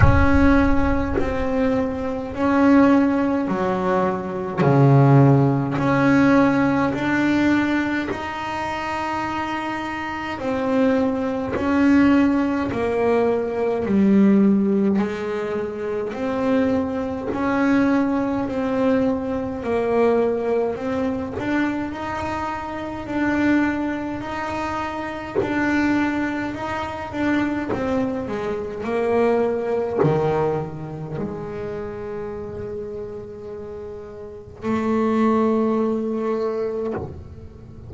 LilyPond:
\new Staff \with { instrumentName = "double bass" } { \time 4/4 \tempo 4 = 52 cis'4 c'4 cis'4 fis4 | cis4 cis'4 d'4 dis'4~ | dis'4 c'4 cis'4 ais4 | g4 gis4 c'4 cis'4 |
c'4 ais4 c'8 d'8 dis'4 | d'4 dis'4 d'4 dis'8 d'8 | c'8 gis8 ais4 dis4 gis4~ | gis2 a2 | }